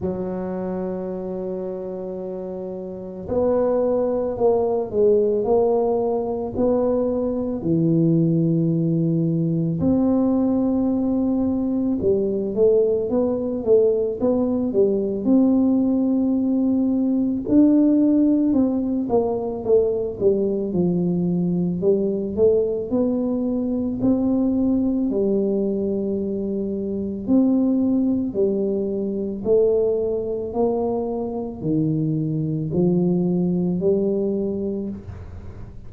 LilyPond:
\new Staff \with { instrumentName = "tuba" } { \time 4/4 \tempo 4 = 55 fis2. b4 | ais8 gis8 ais4 b4 e4~ | e4 c'2 g8 a8 | b8 a8 b8 g8 c'2 |
d'4 c'8 ais8 a8 g8 f4 | g8 a8 b4 c'4 g4~ | g4 c'4 g4 a4 | ais4 dis4 f4 g4 | }